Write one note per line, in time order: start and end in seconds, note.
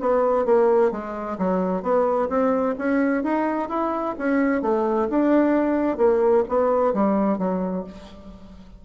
0.00 0.45 B3
0.45 0.91 A#3
0.91 1.37 G#3
1.38 1.83 F#3
1.83 2.29 B3
2.29 2.75 C4
2.78 3.23 C#4
3.23 3.69 D#4
3.69 4.15 E4
4.18 4.62 C#4
4.62 5.08 A3
5.10 5.97 D4
5.97 6.44 A#3
6.49 6.93 B3
6.93 7.38 G3
7.38 7.84 F#3